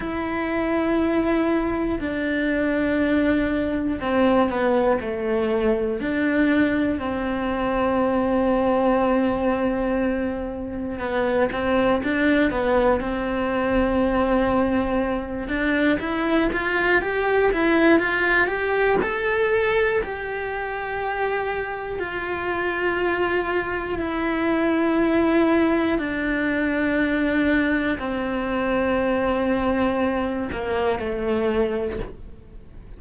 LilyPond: \new Staff \with { instrumentName = "cello" } { \time 4/4 \tempo 4 = 60 e'2 d'2 | c'8 b8 a4 d'4 c'4~ | c'2. b8 c'8 | d'8 b8 c'2~ c'8 d'8 |
e'8 f'8 g'8 e'8 f'8 g'8 a'4 | g'2 f'2 | e'2 d'2 | c'2~ c'8 ais8 a4 | }